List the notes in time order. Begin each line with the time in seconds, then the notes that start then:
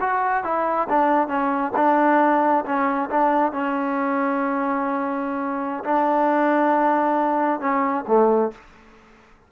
0.00 F#4
0.44 E4
0.89 D4
1.28 C#4
1.76 D4
2.65 C#4
3.10 D4
3.52 C#4
5.84 D4
7.60 C#4
8.07 A3